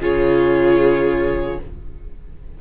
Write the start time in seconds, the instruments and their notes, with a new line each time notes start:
0.00 cello C#3, viola F4, violin G#4 C#5